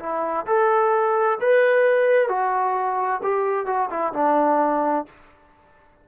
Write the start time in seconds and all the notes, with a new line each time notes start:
0.00 E4
0.47 A4
1.41 B4
2.29 F#4
3.23 G4
3.67 F#4
3.90 E4
4.14 D4